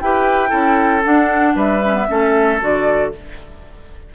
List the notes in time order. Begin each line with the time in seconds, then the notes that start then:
0.00 E4 G4 B4 G5
0.49 C#4 E4 A4
1.04 D4 F#5
1.55 G3 B4 E5
1.85 C#4
1.94 B3
2.08 A3 C#4 A4
2.60 D3 F#4 D5